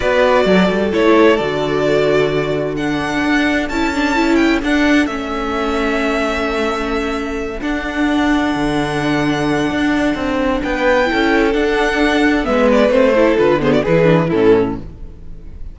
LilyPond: <<
  \new Staff \with { instrumentName = "violin" } { \time 4/4 \tempo 4 = 130 d''2 cis''4 d''4~ | d''2 fis''2 | a''4. g''8 fis''4 e''4~ | e''1~ |
e''8 fis''2.~ fis''8~ | fis''2. g''4~ | g''4 fis''2 e''8 d''8 | c''4 b'8 c''16 d''16 b'4 a'4 | }
  \new Staff \with { instrumentName = "violin" } { \time 4/4 b'4 a'2.~ | a'4 fis'4 a'2~ | a'1~ | a'1~ |
a'1~ | a'2. b'4 | a'2. b'4~ | b'8 a'4 gis'16 fis'16 gis'4 e'4 | }
  \new Staff \with { instrumentName = "viola" } { \time 4/4 fis'2 e'4 fis'4~ | fis'2 d'2 | e'8 d'8 e'4 d'4 cis'4~ | cis'1~ |
cis'8 d'2.~ d'8~ | d'1 | e'4 d'2 b4 | c'8 e'8 f'8 b8 e'8 d'8 cis'4 | }
  \new Staff \with { instrumentName = "cello" } { \time 4/4 b4 fis8 g8 a4 d4~ | d2. d'4 | cis'2 d'4 a4~ | a1~ |
a8 d'2 d4.~ | d4 d'4 c'4 b4 | cis'4 d'2 gis4 | a4 d4 e4 a,4 | }
>>